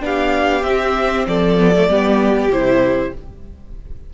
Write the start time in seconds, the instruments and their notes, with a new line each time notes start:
0.00 cello B3, viola D4, violin G4 F5
0.63 cello C4, viola C4, violin E5
1.27 cello F3, violin A4 D5
1.58 viola B3
1.76 viola A3
1.87 cello G3, viola B3, violin G4
2.50 cello C3, viola E4, violin C5